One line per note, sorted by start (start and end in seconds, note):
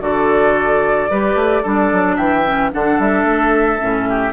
0.00 1.09 D3
0.00 1.08 F#4
0.00 1.10 A4
0.00 2.16 D5
1.10 1.35 G3
1.10 1.64 G4
1.10 1.62 B4
1.35 1.62 A3
1.62 1.92 G3
1.62 2.45 D4
1.62 2.16 A4
1.92 2.17 F#3
2.16 2.71 E3
2.16 2.70 E5
2.16 2.70 G5
2.45 2.71 C#4
2.71 2.98 D3
2.71 3.78 D4
2.71 4.09 A4
2.71 2.99 F#5
2.98 3.24 G3
2.98 4.33 E5
3.24 3.78 A3
3.78 4.33 A2
3.78 4.32 C#4
4.09 4.33 G4